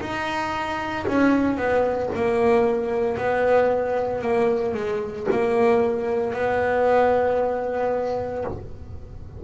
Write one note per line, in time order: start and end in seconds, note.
0.00 1.05 D#4
1.07 1.57 C#4
1.57 2.10 B3
2.15 3.17 A#3
3.17 4.21 B3
4.21 4.74 A#3
4.74 5.27 G#3
5.31 6.33 A#3
6.33 8.44 B3